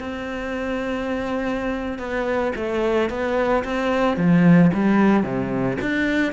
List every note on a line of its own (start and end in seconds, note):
0.00 1.99 C4
1.99 2.53 B3
2.56 3.10 A3
3.10 3.64 B3
3.64 4.17 C4
4.17 4.71 F3
4.74 5.24 G3
5.24 5.78 C3
5.82 6.33 D4